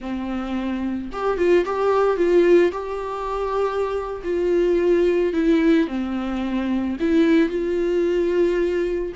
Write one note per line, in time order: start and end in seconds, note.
0.00 1.10 C4
1.12 1.37 G4
1.37 1.64 F4
1.65 2.17 G4
2.17 2.71 F4
2.71 4.21 G4
4.23 5.33 F4
5.33 5.87 E4
5.87 6.96 C4
7.00 7.49 E4
7.49 9.12 F4